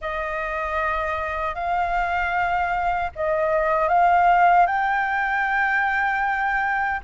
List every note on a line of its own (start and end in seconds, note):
0.01 1.54 D#5
1.54 3.10 F5
3.15 3.88 D#5
3.88 4.66 F5
4.66 7.00 G5